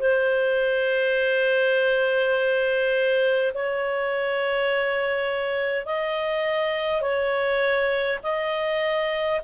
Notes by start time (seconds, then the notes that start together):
0.00 C5
3.55 C#5
5.86 D#5
7.02 C#5
8.24 D#5